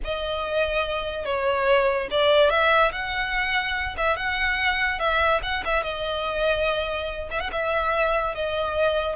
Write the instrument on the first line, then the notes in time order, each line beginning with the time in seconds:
violin
0.04 D#5
1.25 C#5
2.10 D5
2.49 E5
2.92 F#5
3.97 E5
4.16 F#5
4.99 E5
5.43 F#5
5.64 E5
5.83 D#5
7.30 E5
7.40 F#5
7.52 E5
8.34 D#5